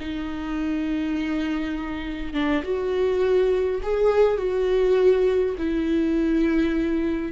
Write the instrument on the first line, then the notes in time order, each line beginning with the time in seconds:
viola
0.00 D#4
2.33 D4
2.64 F#4
3.83 G#4
4.38 F#4
5.58 E4